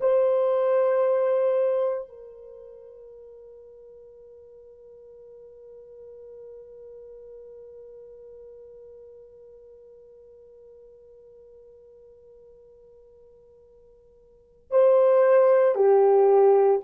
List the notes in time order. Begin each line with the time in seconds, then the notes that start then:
0.00 C5
2.08 A#4
14.70 C5
15.75 G4